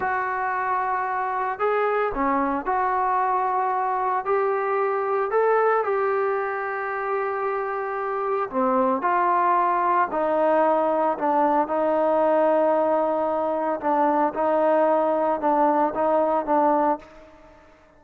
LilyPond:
\new Staff \with { instrumentName = "trombone" } { \time 4/4 \tempo 4 = 113 fis'2. gis'4 | cis'4 fis'2. | g'2 a'4 g'4~ | g'1 |
c'4 f'2 dis'4~ | dis'4 d'4 dis'2~ | dis'2 d'4 dis'4~ | dis'4 d'4 dis'4 d'4 | }